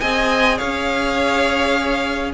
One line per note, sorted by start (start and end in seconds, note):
0.00 0.60 C4
0.00 2.33 G#4
0.00 0.58 D#5
0.00 0.58 G#5
0.58 2.33 C#4
0.58 2.32 C#5
0.58 2.32 F5